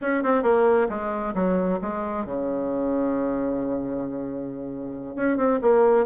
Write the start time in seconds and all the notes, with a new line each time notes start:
0.01 C#4
0.23 C4
0.43 A#3
0.89 G#3
1.34 F#3
1.81 G#3
2.25 C#3
5.15 C#4
5.37 C4
5.61 A#3